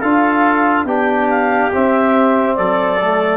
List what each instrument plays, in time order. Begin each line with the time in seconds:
0.00 tuba D4, trombone F4, trumpet A4, clarinet F5
0.85 tuba B3, trombone D4, trumpet G4, clarinet G5
1.30 clarinet F5
1.73 trombone C4, tuba C4, clarinet E5
2.56 tuba F#3, trumpet A4, clarinet D5
3.02 trombone A3